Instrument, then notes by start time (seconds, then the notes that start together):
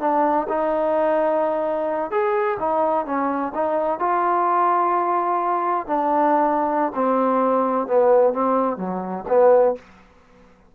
trombone
0.00 D4
0.49 D#4
2.11 G#4
2.60 D#4
3.05 C#4
3.54 D#4
3.99 F4
5.87 D4
6.94 C4
7.87 B3
8.33 C4
8.77 F#3
9.28 B3